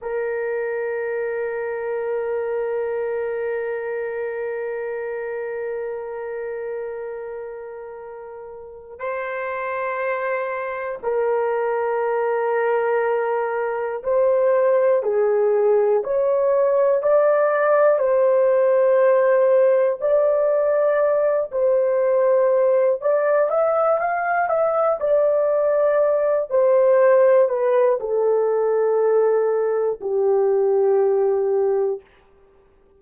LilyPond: \new Staff \with { instrumentName = "horn" } { \time 4/4 \tempo 4 = 60 ais'1~ | ais'1~ | ais'4 c''2 ais'4~ | ais'2 c''4 gis'4 |
cis''4 d''4 c''2 | d''4. c''4. d''8 e''8 | f''8 e''8 d''4. c''4 b'8 | a'2 g'2 | }